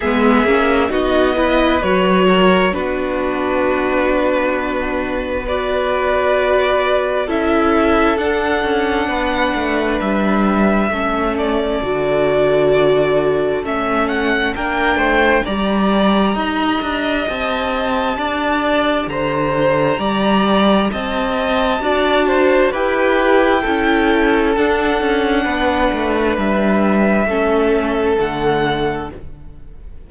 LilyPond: <<
  \new Staff \with { instrumentName = "violin" } { \time 4/4 \tempo 4 = 66 e''4 dis''4 cis''4 b'4~ | b'2 d''2 | e''4 fis''2 e''4~ | e''8 d''2~ d''8 e''8 fis''8 |
g''4 ais''2 a''4~ | a''4 ais''2 a''4~ | a''4 g''2 fis''4~ | fis''4 e''2 fis''4 | }
  \new Staff \with { instrumentName = "violin" } { \time 4/4 gis'4 fis'8 b'4 ais'8 fis'4~ | fis'2 b'2 | a'2 b'2 | a'1 |
ais'8 c''8 d''4 dis''2 | d''4 c''4 d''4 dis''4 | d''8 c''8 b'4 a'2 | b'2 a'2 | }
  \new Staff \with { instrumentName = "viola" } { \time 4/4 b8 cis'8 dis'8 e'8 fis'4 d'4~ | d'2 fis'2 | e'4 d'2. | cis'4 fis'2 cis'4 |
d'4 g'2.~ | g'1 | fis'4 g'4 e'4 d'4~ | d'2 cis'4 a4 | }
  \new Staff \with { instrumentName = "cello" } { \time 4/4 gis8 ais8 b4 fis4 b4~ | b1 | cis'4 d'8 cis'8 b8 a8 g4 | a4 d2 a4 |
ais8 a8 g4 dis'8 d'8 c'4 | d'4 d4 g4 c'4 | d'4 e'4 cis'4 d'8 cis'8 | b8 a8 g4 a4 d4 | }
>>